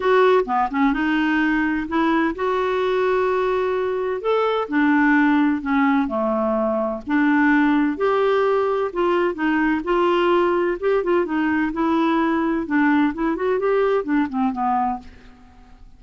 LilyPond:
\new Staff \with { instrumentName = "clarinet" } { \time 4/4 \tempo 4 = 128 fis'4 b8 cis'8 dis'2 | e'4 fis'2.~ | fis'4 a'4 d'2 | cis'4 a2 d'4~ |
d'4 g'2 f'4 | dis'4 f'2 g'8 f'8 | dis'4 e'2 d'4 | e'8 fis'8 g'4 d'8 c'8 b4 | }